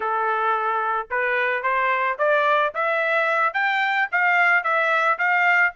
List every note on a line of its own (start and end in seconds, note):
0.00 1.07 A4
1.10 1.62 B4
1.62 2.17 C5
2.18 2.73 D5
2.74 3.53 E5
3.53 4.08 G5
4.11 4.63 F5
4.63 5.18 E5
5.18 5.73 F5